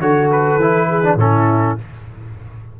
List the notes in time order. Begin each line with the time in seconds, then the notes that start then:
0.00 D3 F#4 A4 C#5
0.31 B4
0.56 E3 E4
0.89 G#4
1.03 D4
1.15 A2 C#4 E4 A4